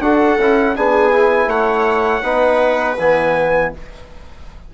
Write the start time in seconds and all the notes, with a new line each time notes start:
0.00 D4 F#4 A4 F#5
0.39 C#4 E4
0.76 B3 D4 G#4 G#5
1.12 E4
1.47 A3 C#5 F#5
2.23 B3 D#4 B4
2.99 E3 B3 G#5